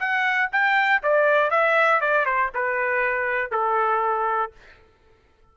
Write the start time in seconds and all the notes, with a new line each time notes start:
0.00 F#5
0.52 G5
1.03 D5
1.50 E5
2.01 D5
2.26 C5
2.55 B4
3.51 A4